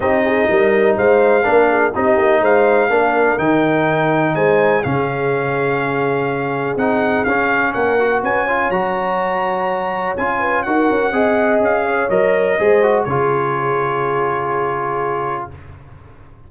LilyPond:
<<
  \new Staff \with { instrumentName = "trumpet" } { \time 4/4 \tempo 4 = 124 dis''2 f''2 | dis''4 f''2 g''4~ | g''4 gis''4 f''2~ | f''2 fis''4 f''4 |
fis''4 gis''4 ais''2~ | ais''4 gis''4 fis''2 | f''4 dis''2 cis''4~ | cis''1 | }
  \new Staff \with { instrumentName = "horn" } { \time 4/4 g'8 gis'8 ais'4 c''4 ais'8 gis'8 | g'4 c''4 ais'2~ | ais'4 c''4 gis'2~ | gis'1 |
ais'4 b'8 cis''2~ cis''8~ | cis''4. b'8 ais'4 dis''4~ | dis''8 cis''4. c''4 gis'4~ | gis'1 | }
  \new Staff \with { instrumentName = "trombone" } { \time 4/4 dis'2. d'4 | dis'2 d'4 dis'4~ | dis'2 cis'2~ | cis'2 dis'4 cis'4~ |
cis'8 fis'4 f'8 fis'2~ | fis'4 f'4 fis'4 gis'4~ | gis'4 ais'4 gis'8 fis'8 f'4~ | f'1 | }
  \new Staff \with { instrumentName = "tuba" } { \time 4/4 c'4 g4 gis4 ais4 | c'8 ais8 gis4 ais4 dis4~ | dis4 gis4 cis2~ | cis2 c'4 cis'4 |
ais4 cis'4 fis2~ | fis4 cis'4 dis'8 cis'8 c'4 | cis'4 fis4 gis4 cis4~ | cis1 | }
>>